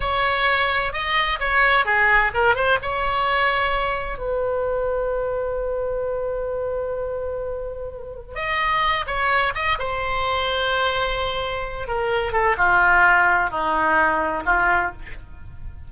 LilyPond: \new Staff \with { instrumentName = "oboe" } { \time 4/4 \tempo 4 = 129 cis''2 dis''4 cis''4 | gis'4 ais'8 c''8 cis''2~ | cis''4 b'2.~ | b'1~ |
b'2 dis''4. cis''8~ | cis''8 dis''8 c''2.~ | c''4. ais'4 a'8 f'4~ | f'4 dis'2 f'4 | }